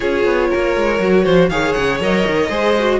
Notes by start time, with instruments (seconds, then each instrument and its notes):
0.00 cello C#4, viola F4, violin G#4 C#5
0.25 cello B3
0.49 cello A#3, violin A#4
0.76 cello G#3
0.99 cello F#3, viola F#4
1.24 cello F3, violin C5
1.49 cello D#3, viola G#4, violin C#5 F5
1.72 cello C#3, violin F#5
1.99 cello F#3, viola A#4, violin D#5
2.27 cello D#3
2.49 cello G#3, viola G#4, violin C5
2.79 viola F#4